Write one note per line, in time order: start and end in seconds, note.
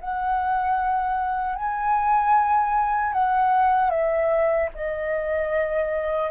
0.00 1.55 F#5
1.55 3.13 G#5
3.13 3.90 F#5
3.90 4.69 E5
4.74 6.31 D#5